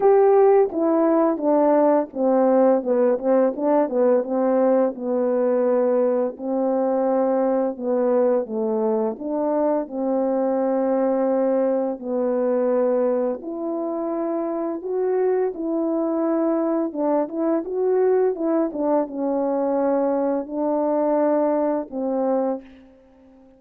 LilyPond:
\new Staff \with { instrumentName = "horn" } { \time 4/4 \tempo 4 = 85 g'4 e'4 d'4 c'4 | b8 c'8 d'8 b8 c'4 b4~ | b4 c'2 b4 | a4 d'4 c'2~ |
c'4 b2 e'4~ | e'4 fis'4 e'2 | d'8 e'8 fis'4 e'8 d'8 cis'4~ | cis'4 d'2 c'4 | }